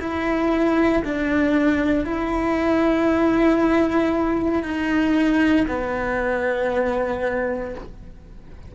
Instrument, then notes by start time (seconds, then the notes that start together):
cello
0.00 E4
1.04 D4
2.05 E4
4.63 D#4
5.68 B3